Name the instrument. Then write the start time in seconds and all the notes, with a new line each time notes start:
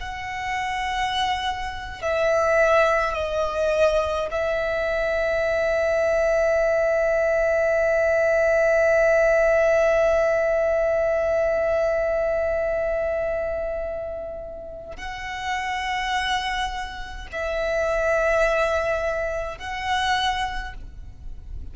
violin
0.00 F#5
2.01 E5
3.13 D#5
4.31 E5
14.96 F#5
17.31 E5
19.58 F#5